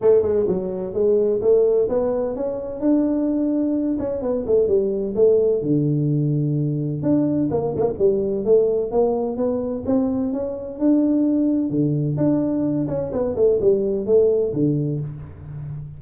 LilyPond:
\new Staff \with { instrumentName = "tuba" } { \time 4/4 \tempo 4 = 128 a8 gis8 fis4 gis4 a4 | b4 cis'4 d'2~ | d'8 cis'8 b8 a8 g4 a4 | d2. d'4 |
ais8 a16 ais16 g4 a4 ais4 | b4 c'4 cis'4 d'4~ | d'4 d4 d'4. cis'8 | b8 a8 g4 a4 d4 | }